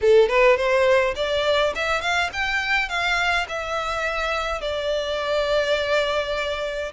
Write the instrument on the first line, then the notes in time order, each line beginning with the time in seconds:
violin
0.01 A4
0.28 B4
0.56 C5
1.15 D5
1.75 E5
2.01 F5
2.32 G5
2.88 F5
3.48 E5
4.61 D5